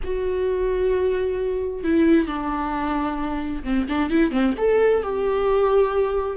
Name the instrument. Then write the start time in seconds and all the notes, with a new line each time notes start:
viola
0.03 F#4
1.83 E4
2.27 D4
3.63 C4
3.88 D4
4.10 E4
4.31 C4
4.57 A4
5.02 G4